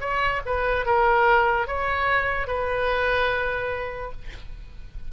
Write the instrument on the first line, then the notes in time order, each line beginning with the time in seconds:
oboe
0.00 C#5
0.45 B4
0.86 A#4
1.67 C#5
2.47 B4